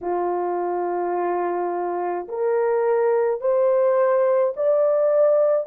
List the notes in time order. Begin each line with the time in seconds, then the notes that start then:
0.01 F4
2.28 A#4
3.41 C5
4.56 D5